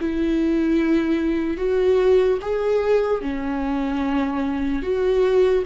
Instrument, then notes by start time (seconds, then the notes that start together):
viola
0.00 E4
1.57 F#4
2.42 G#4
3.21 C#4
4.82 F#4